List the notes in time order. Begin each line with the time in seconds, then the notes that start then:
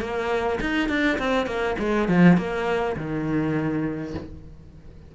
0.00 A#3
0.60 D#4
0.89 D4
1.18 C4
1.46 A#3
1.79 G#3
2.08 F3
2.37 A#3
2.96 D#3